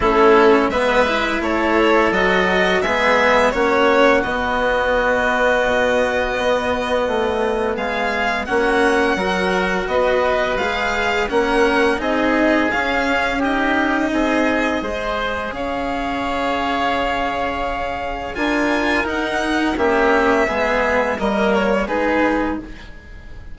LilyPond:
<<
  \new Staff \with { instrumentName = "violin" } { \time 4/4 \tempo 4 = 85 a'4 e''4 cis''4 dis''4 | e''4 cis''4 dis''2~ | dis''2. f''4 | fis''2 dis''4 f''4 |
fis''4 dis''4 f''4 dis''4~ | dis''2 f''2~ | f''2 gis''4 fis''4 | e''2 dis''8 cis''8 b'4 | }
  \new Staff \with { instrumentName = "oboe" } { \time 4/4 e'4 b'4 a'2 | gis'4 fis'2.~ | fis'2. gis'4 | fis'4 ais'4 b'2 |
ais'4 gis'2 g'4 | gis'4 c''4 cis''2~ | cis''2 ais'2 | g'4 gis'4 ais'4 gis'4 | }
  \new Staff \with { instrumentName = "cello" } { \time 4/4 cis'4 b8 e'4. fis'4 | b4 cis'4 b2~ | b1 | cis'4 fis'2 gis'4 |
cis'4 dis'4 cis'4 dis'4~ | dis'4 gis'2.~ | gis'2 f'4 dis'4 | cis'4 b4 ais4 dis'4 | }
  \new Staff \with { instrumentName = "bassoon" } { \time 4/4 a4 gis4 a4 fis4 | gis4 ais4 b2 | b,4 b4 a4 gis4 | ais4 fis4 b4 gis4 |
ais4 c'4 cis'2 | c'4 gis4 cis'2~ | cis'2 d'4 dis'4 | ais4 gis4 g4 gis4 | }
>>